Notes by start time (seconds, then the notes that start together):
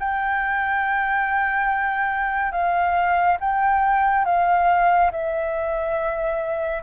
0.00 G5
2.52 F5
3.41 G5
4.26 F5
5.12 E5